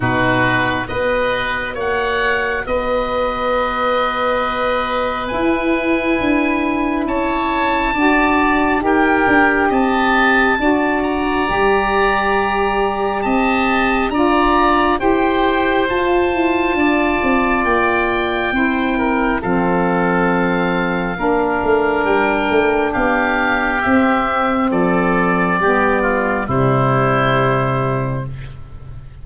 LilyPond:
<<
  \new Staff \with { instrumentName = "oboe" } { \time 4/4 \tempo 4 = 68 b'4 dis''4 fis''4 dis''4~ | dis''2 gis''2 | a''2 g''4 a''4~ | a''8 ais''2~ ais''8 a''4 |
ais''4 g''4 a''2 | g''2 f''2~ | f''4 g''4 f''4 e''4 | d''2 c''2 | }
  \new Staff \with { instrumentName = "oboe" } { \time 4/4 fis'4 b'4 cis''4 b'4~ | b'1 | cis''4 d''4 ais'4 dis''4 | d''2. dis''4 |
d''4 c''2 d''4~ | d''4 c''8 ais'8 a'2 | ais'2 g'2 | a'4 g'8 f'8 e'2 | }
  \new Staff \with { instrumentName = "saxophone" } { \time 4/4 dis'4 fis'2.~ | fis'2 e'2~ | e'4 fis'4 g'2 | fis'4 g'2. |
f'4 g'4 f'2~ | f'4 e'4 c'2 | d'2. c'4~ | c'4 b4 g2 | }
  \new Staff \with { instrumentName = "tuba" } { \time 4/4 b,4 b4 ais4 b4~ | b2 e'4 d'4 | cis'4 d'4 dis'8 d'8 c'4 | d'4 g2 c'4 |
d'4 e'4 f'8 e'8 d'8 c'8 | ais4 c'4 f2 | ais8 a8 g8 a8 b4 c'4 | f4 g4 c2 | }
>>